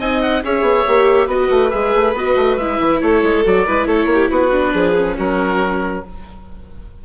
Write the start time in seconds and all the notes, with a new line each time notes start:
0.00 C4 D#4 D#5 G#5
0.22 F#5
0.44 C#4 G#4 C#5 E5
0.62 B3
0.87 A#3 G4
1.27 B3 F#4 B4 D#5
1.51 A3
1.71 G#3 G#4 E5
1.95 A3
2.14 B3 F#4 D#5
2.36 A3
2.57 G#3 E4 E5
2.80 E3
3.02 A3 A4 C#5
3.23 G#3
3.45 F#3 F#4 D5
3.67 G#3 E4 B4
3.87 A3 A4 C#5
4.06 A#3
4.14 G4
4.31 B3 F#4 B4
4.52 D4
4.74 F3 G#4
4.96 C#4
5.18 F#3 F#4 A#4